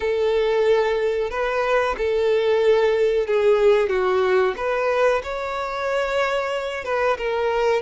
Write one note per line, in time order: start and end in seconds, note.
0.00 1.30 A4
1.30 1.95 B4
1.97 3.26 A4
3.26 3.89 G#4
3.89 4.54 F#4
4.57 5.22 B4
5.23 6.84 C#5
6.84 7.17 B4
7.17 7.81 A#4